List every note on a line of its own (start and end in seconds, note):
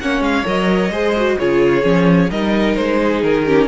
0.00 0.20 A#3
0.00 0.44 C#4
0.00 0.92 C#5
0.00 0.22 F#5
0.20 0.44 G#3
0.20 0.46 F5
0.44 0.90 F#3
0.44 0.90 A#4
0.44 1.38 D#5
0.90 1.36 G#3
0.90 1.15 G#4
0.90 1.38 C5
1.16 1.39 F#4
1.38 1.84 C#3
1.38 1.82 F4
1.38 2.30 G#4
1.38 2.30 C#5
1.82 2.30 F3
1.82 2.28 C#4
2.30 2.77 G3
2.30 3.47 D#4
2.30 2.99 A#4
2.30 2.75 D#5
2.75 3.23 G#3
2.75 3.22 C5
3.02 3.46 G#4
3.23 3.68 D#3
3.23 3.68 A#4
3.46 3.68 C#4
3.46 3.68 G4